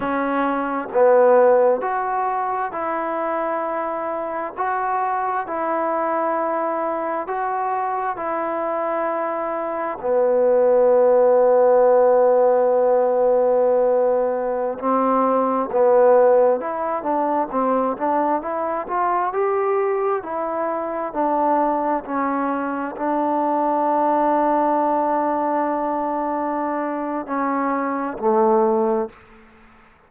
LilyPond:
\new Staff \with { instrumentName = "trombone" } { \time 4/4 \tempo 4 = 66 cis'4 b4 fis'4 e'4~ | e'4 fis'4 e'2 | fis'4 e'2 b4~ | b1~ |
b16 c'4 b4 e'8 d'8 c'8 d'16~ | d'16 e'8 f'8 g'4 e'4 d'8.~ | d'16 cis'4 d'2~ d'8.~ | d'2 cis'4 a4 | }